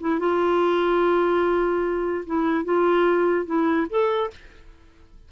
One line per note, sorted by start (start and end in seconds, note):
0.00 0.19 E4
0.19 2.25 F4
2.26 2.64 E4
2.64 3.46 F4
3.46 3.87 E4
3.89 4.30 A4